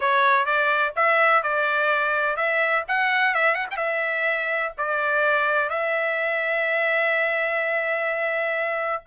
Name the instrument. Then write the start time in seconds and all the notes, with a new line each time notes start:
trumpet
0.00 C#5
0.45 D5
0.95 E5
1.43 D5
2.36 E5
2.88 F#5
3.34 E5
3.55 F#5
3.70 G5
3.77 E5
4.77 D5
5.69 E5